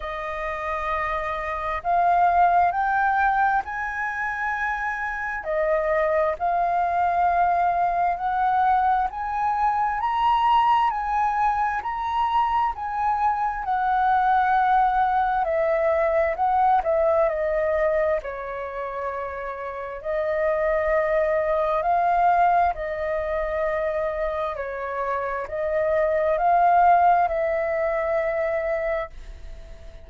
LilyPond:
\new Staff \with { instrumentName = "flute" } { \time 4/4 \tempo 4 = 66 dis''2 f''4 g''4 | gis''2 dis''4 f''4~ | f''4 fis''4 gis''4 ais''4 | gis''4 ais''4 gis''4 fis''4~ |
fis''4 e''4 fis''8 e''8 dis''4 | cis''2 dis''2 | f''4 dis''2 cis''4 | dis''4 f''4 e''2 | }